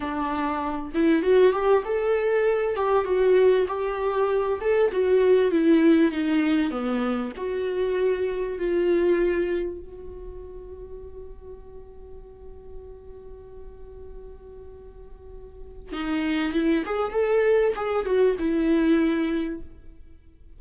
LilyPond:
\new Staff \with { instrumentName = "viola" } { \time 4/4 \tempo 4 = 98 d'4. e'8 fis'8 g'8 a'4~ | a'8 g'8 fis'4 g'4. a'8 | fis'4 e'4 dis'4 b4 | fis'2 f'2 |
fis'1~ | fis'1~ | fis'2 dis'4 e'8 gis'8 | a'4 gis'8 fis'8 e'2 | }